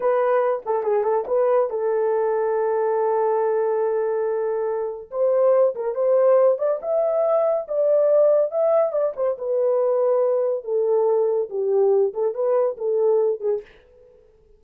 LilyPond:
\new Staff \with { instrumentName = "horn" } { \time 4/4 \tempo 4 = 141 b'4. a'8 gis'8 a'8 b'4 | a'1~ | a'1 | c''4. ais'8 c''4. d''8 |
e''2 d''2 | e''4 d''8 c''8 b'2~ | b'4 a'2 g'4~ | g'8 a'8 b'4 a'4. gis'8 | }